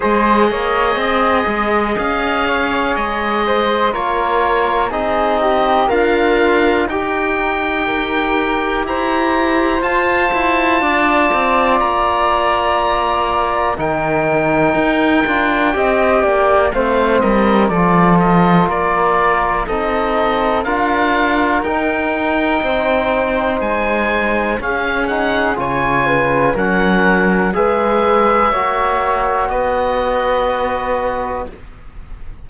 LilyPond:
<<
  \new Staff \with { instrumentName = "oboe" } { \time 4/4 \tempo 4 = 61 dis''2 f''4 dis''4 | cis''4 dis''4 f''4 g''4~ | g''4 ais''4 a''2 | ais''2 g''2~ |
g''4 f''8 dis''8 d''8 dis''8 d''4 | dis''4 f''4 g''2 | gis''4 f''8 fis''8 gis''4 fis''4 | e''2 dis''2 | }
  \new Staff \with { instrumentName = "flute" } { \time 4/4 c''8 cis''8 dis''4. cis''4 c''8 | ais'4 gis'8 g'8 f'4 dis'4 | ais'4 c''2 d''4~ | d''2 ais'2 |
dis''8 d''8 c''8 ais'8 a'4 ais'4 | a'4 ais'2 c''4~ | c''4 gis'4 cis''8 b'8 ais'4 | b'4 cis''4 b'2 | }
  \new Staff \with { instrumentName = "trombone" } { \time 4/4 gis'1 | f'4 dis'4 ais'4 g'4~ | g'2 f'2~ | f'2 dis'4. f'8 |
g'4 c'4 f'2 | dis'4 f'4 dis'2~ | dis'4 cis'8 dis'8 f'4 cis'4 | gis'4 fis'2. | }
  \new Staff \with { instrumentName = "cello" } { \time 4/4 gis8 ais8 c'8 gis8 cis'4 gis4 | ais4 c'4 d'4 dis'4~ | dis'4 e'4 f'8 e'8 d'8 c'8 | ais2 dis4 dis'8 d'8 |
c'8 ais8 a8 g8 f4 ais4 | c'4 d'4 dis'4 c'4 | gis4 cis'4 cis4 fis4 | gis4 ais4 b2 | }
>>